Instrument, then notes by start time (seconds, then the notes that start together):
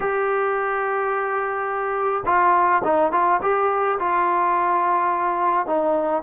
trombone
0.00 G4
2.25 F4
2.84 D#4
3.12 F4
3.41 G4
3.99 F4
5.66 D#4